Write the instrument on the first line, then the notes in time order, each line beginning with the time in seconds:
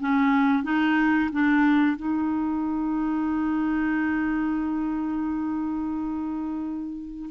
clarinet
0.00 C#4
0.63 D#4
1.32 D4
1.96 D#4